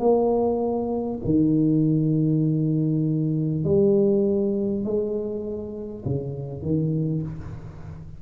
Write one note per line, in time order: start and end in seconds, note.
0.00 1.20 A#3
1.25 3.64 D#3
3.64 4.84 G3
4.85 6.05 G#3
6.05 6.63 C#3
6.63 7.23 D#3